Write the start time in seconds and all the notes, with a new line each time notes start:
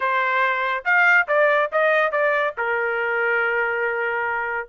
0.00 C5
0.84 F5
1.27 D5
1.72 D#5
2.11 D5
2.57 A#4